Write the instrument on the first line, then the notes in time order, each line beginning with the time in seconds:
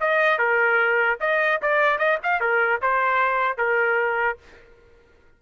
trumpet
0.00 D#5
0.38 A#4
1.20 D#5
1.62 D5
1.98 D#5
2.23 F5
2.40 A#4
2.81 C5
3.57 A#4